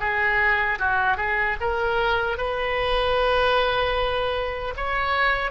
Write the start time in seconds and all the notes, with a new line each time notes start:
0.00 G#4
0.79 F#4
1.17 G#4
1.61 A#4
2.38 B4
4.77 C#5